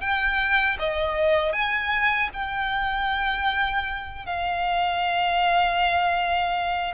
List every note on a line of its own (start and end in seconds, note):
0.00 0.77 G5
0.79 1.52 D#5
1.52 2.29 G#5
2.33 4.25 G5
4.25 6.93 F5